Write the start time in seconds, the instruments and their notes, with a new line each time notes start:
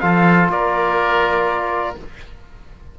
0.00 cello F3, trombone F4, oboe A4, trumpet F5
0.49 cello A#3, oboe A#4, trumpet D5